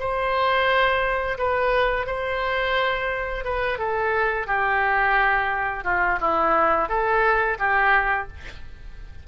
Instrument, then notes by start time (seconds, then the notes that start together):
oboe
0.00 C5
1.38 B4
2.07 C5
3.45 B4
3.79 A4
4.47 G4
5.84 F4
6.21 E4
6.89 A4
7.59 G4